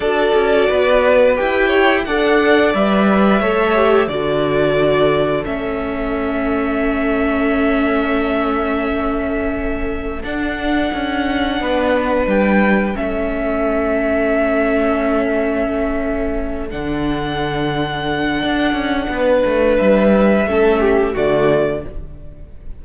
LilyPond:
<<
  \new Staff \with { instrumentName = "violin" } { \time 4/4 \tempo 4 = 88 d''2 g''4 fis''4 | e''2 d''2 | e''1~ | e''2. fis''4~ |
fis''2 g''4 e''4~ | e''1~ | e''8 fis''2.~ fis''8~ | fis''4 e''2 d''4 | }
  \new Staff \with { instrumentName = "violin" } { \time 4/4 a'4 b'4. cis''8 d''4~ | d''4 cis''4 a'2~ | a'1~ | a'1~ |
a'4 b'2 a'4~ | a'1~ | a'1 | b'2 a'8 g'8 fis'4 | }
  \new Staff \with { instrumentName = "viola" } { \time 4/4 fis'2 g'4 a'4 | b'4 a'8 g'8 fis'2 | cis'1~ | cis'2. d'4~ |
d'2. cis'4~ | cis'1~ | cis'8 d'2.~ d'8~ | d'2 cis'4 a4 | }
  \new Staff \with { instrumentName = "cello" } { \time 4/4 d'8 cis'8 b4 e'4 d'4 | g4 a4 d2 | a1~ | a2. d'4 |
cis'4 b4 g4 a4~ | a1~ | a8 d2~ d8 d'8 cis'8 | b8 a8 g4 a4 d4 | }
>>